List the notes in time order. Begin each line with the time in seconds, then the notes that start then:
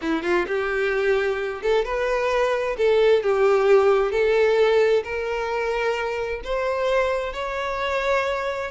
0.01 E4
0.22 F4
0.47 G4
1.62 A4
1.84 B4
2.77 A4
3.22 G4
4.11 A4
5.03 A#4
6.44 C5
7.33 C#5